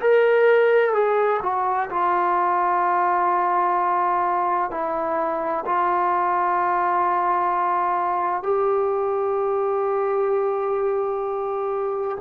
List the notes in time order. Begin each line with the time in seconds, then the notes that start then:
0.00 A#4
0.93 G#4
1.42 F#4
1.89 F4
4.70 E4
5.65 F4
8.43 G4